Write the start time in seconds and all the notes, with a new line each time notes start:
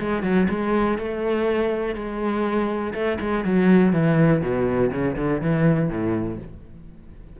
0.00 G#3
0.23 F#3
0.49 G#3
0.99 A3
1.95 G#3
2.94 A3
3.20 G#3
3.45 F#3
3.93 E3
4.42 B2
4.91 C#3
5.16 D3
5.41 E3
5.89 A2